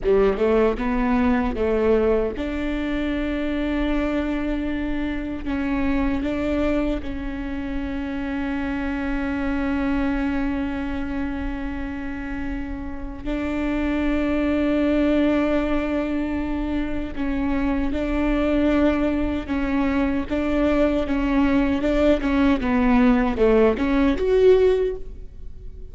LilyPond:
\new Staff \with { instrumentName = "viola" } { \time 4/4 \tempo 4 = 77 g8 a8 b4 a4 d'4~ | d'2. cis'4 | d'4 cis'2.~ | cis'1~ |
cis'4 d'2.~ | d'2 cis'4 d'4~ | d'4 cis'4 d'4 cis'4 | d'8 cis'8 b4 a8 cis'8 fis'4 | }